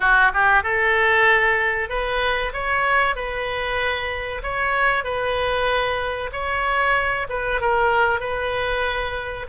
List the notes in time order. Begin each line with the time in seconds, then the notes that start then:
0.00 F#4
0.33 G4
0.63 A4
1.89 B4
2.53 C#5
3.15 B4
4.42 C#5
5.04 B4
6.32 C#5
7.29 B4
7.60 A#4
8.20 B4